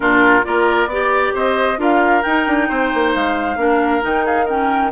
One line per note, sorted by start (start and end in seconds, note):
0.00 0.43 A#2
0.00 0.42 D4
0.00 0.45 F4
0.00 0.44 A#4
0.43 0.86 A#3
0.43 0.88 F4
0.43 0.89 A#4
0.43 1.33 D5
0.86 1.31 B3
0.86 1.77 G4
0.86 1.33 D5
1.33 1.78 C4
1.33 1.78 C5
1.33 1.80 D#5
1.77 2.22 D4
1.77 2.22 F4
1.77 2.68 A#4
1.77 2.22 F5
2.22 2.46 D#4
2.22 3.57 D#4
2.22 3.12 G5
2.46 2.69 D4
2.68 2.92 C4
2.68 3.58 C5
2.93 3.15 A#3
3.14 3.56 G#3
3.14 4.03 F5
3.56 4.01 A#3
3.56 4.01 D4
3.56 4.25 A#4
4.01 4.91 D#3
4.01 4.46 D#4
4.01 4.26 G5
4.25 4.45 G#4
4.25 4.48 F5
4.45 4.91 C#4
4.45 4.90 A#4
4.45 4.91 G5